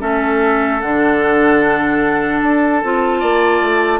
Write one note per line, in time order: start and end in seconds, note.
0.00 0.82 A3
0.00 0.80 C#4
0.00 3.20 A4
0.00 0.81 E5
0.81 2.42 D3
0.81 2.83 D4
0.81 2.41 F#5
2.41 2.83 D4
2.41 4.00 A5
2.83 3.22 C4
2.83 4.00 F4
3.20 3.61 A#3
3.20 4.00 D5
3.61 4.00 A3